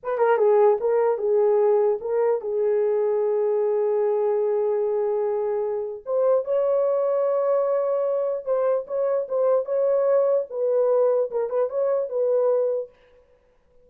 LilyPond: \new Staff \with { instrumentName = "horn" } { \time 4/4 \tempo 4 = 149 b'8 ais'8 gis'4 ais'4 gis'4~ | gis'4 ais'4 gis'2~ | gis'1~ | gis'2. c''4 |
cis''1~ | cis''4 c''4 cis''4 c''4 | cis''2 b'2 | ais'8 b'8 cis''4 b'2 | }